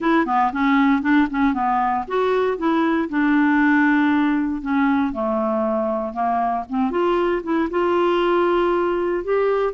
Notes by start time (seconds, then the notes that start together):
0.00 E4
0.26 B3
0.52 C#4
1.02 D4
1.30 C#4
1.53 B3
2.07 F#4
2.57 E4
3.09 D4
4.61 C#4
5.12 A3
6.13 A#3
6.69 C4
6.90 F4
7.43 E4
7.70 F4
9.24 G4